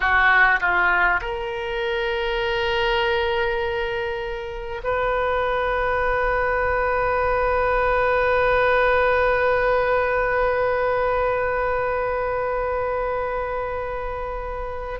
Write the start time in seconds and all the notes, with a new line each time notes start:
0.00 F#4
0.60 F4
1.21 A#4
4.83 B4